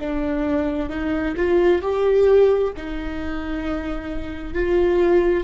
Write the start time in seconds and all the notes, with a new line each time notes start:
0.00 D4
0.90 D#4
1.37 F4
1.82 G4
2.77 D#4
4.55 F4